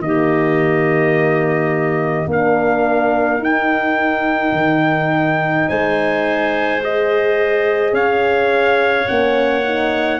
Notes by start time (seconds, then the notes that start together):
0.00 D#3 A#3 G4 D#5
2.27 A#3 D4 A#4 F5
3.39 D#4 G5
4.52 D#3
5.69 G#3 C5 G#5
6.83 G#4 D#5
7.93 C#4 C#5 F5
9.07 A#3 C#4 F#5
9.65 D#4